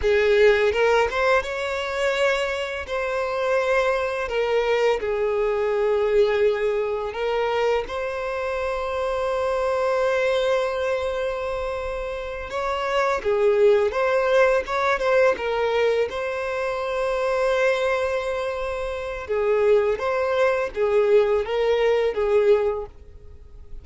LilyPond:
\new Staff \with { instrumentName = "violin" } { \time 4/4 \tempo 4 = 84 gis'4 ais'8 c''8 cis''2 | c''2 ais'4 gis'4~ | gis'2 ais'4 c''4~ | c''1~ |
c''4. cis''4 gis'4 c''8~ | c''8 cis''8 c''8 ais'4 c''4.~ | c''2. gis'4 | c''4 gis'4 ais'4 gis'4 | }